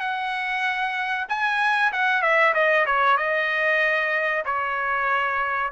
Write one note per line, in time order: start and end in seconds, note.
0.00 1.26 F#5
1.29 1.92 G#5
1.92 2.22 F#5
2.22 2.54 E5
2.54 2.86 D#5
2.86 3.18 C#5
3.18 4.44 D#5
4.45 5.72 C#5